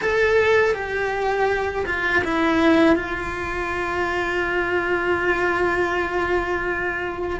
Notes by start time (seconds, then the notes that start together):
0.01 A4
0.74 G4
1.86 F4
2.24 E4
2.95 F4